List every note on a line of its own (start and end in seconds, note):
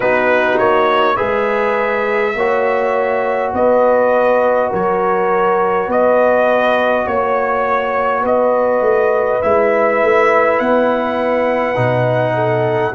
0.00 0.58 B3
0.00 1.16 D#4
0.00 1.15 F#4
0.00 0.57 B4
0.58 1.17 A#3
0.58 1.16 C#5
1.15 2.34 G#3
1.15 2.34 G#4
1.15 2.32 B4
1.15 3.51 E5
2.34 3.52 A#3
2.34 9.42 F#4
2.34 3.52 C#5
3.52 4.70 B3
3.52 4.69 B4
3.52 4.72 D#5
4.69 5.87 F#3
4.69 5.86 A#4
4.69 5.91 C#5
5.87 7.05 B3
5.87 7.04 B4
5.87 7.07 D#5
7.05 8.24 A#3
7.05 8.21 C#5
7.05 8.25 C#5
8.21 8.80 B3
8.21 12.33 B4
8.21 9.41 D#5
8.80 9.39 A3
9.41 10.02 G#3
9.41 11.75 E4
9.41 10.59 E5
10.02 10.59 A3
10.59 11.76 B3
10.59 12.94 F#5
11.75 12.94 B2
11.75 12.93 D#4
12.34 12.93 A4